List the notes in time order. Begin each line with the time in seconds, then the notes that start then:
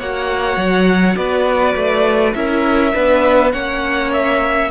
0.00 A#3 F#4 C#5 F#5
0.57 F#3
1.17 B3 B4 D5
1.76 A3
2.35 C#4 E4 A#4 E5
2.94 B3 D4 B4
3.52 A#3 C#4 C#5 F#5
4.13 E5